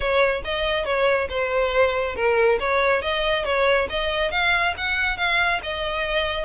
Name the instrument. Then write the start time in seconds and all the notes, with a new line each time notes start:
violin
0.00 C#5
0.44 D#5
0.85 C#5
1.29 C5
2.15 A#4
2.59 C#5
3.01 D#5
3.44 C#5
3.89 D#5
4.31 F5
4.77 F#5
5.17 F5
5.63 D#5